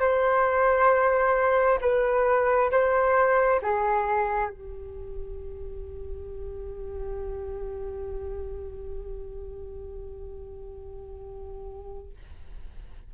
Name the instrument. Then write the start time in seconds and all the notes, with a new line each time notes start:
flute
0.00 C5
1.82 B4
2.71 C5
3.62 G#4
4.51 G4